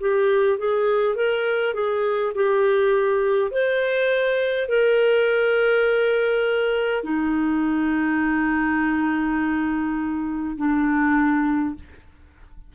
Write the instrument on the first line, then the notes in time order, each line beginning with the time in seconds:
clarinet
0.00 G4
0.59 G#4
1.16 A#4
1.74 G#4
2.35 G4
3.52 C5
4.69 A#4
7.04 D#4
10.57 D4